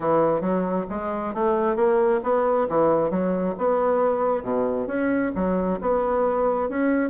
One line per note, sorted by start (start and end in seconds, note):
0.00 0.40 E3
0.40 0.85 F#3
0.89 1.34 G#3
1.34 1.76 A3
1.76 2.20 A#3
2.23 2.67 B3
2.68 3.10 E3
3.10 3.54 F#3
3.58 4.42 B3
4.42 4.87 B2
4.87 5.31 C#4
5.35 5.79 F#3
5.81 6.69 B3
6.69 7.10 C#4